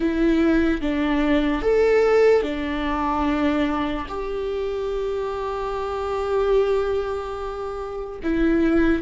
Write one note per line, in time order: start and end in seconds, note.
0.00 0.81 E4
0.81 1.61 D4
1.61 2.42 A4
2.42 4.06 D4
4.08 8.19 G4
8.23 9.02 E4